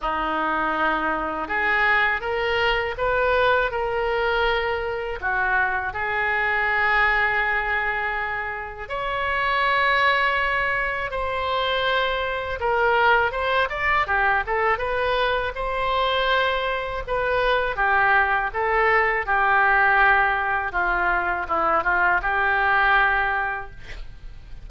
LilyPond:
\new Staff \with { instrumentName = "oboe" } { \time 4/4 \tempo 4 = 81 dis'2 gis'4 ais'4 | b'4 ais'2 fis'4 | gis'1 | cis''2. c''4~ |
c''4 ais'4 c''8 d''8 g'8 a'8 | b'4 c''2 b'4 | g'4 a'4 g'2 | f'4 e'8 f'8 g'2 | }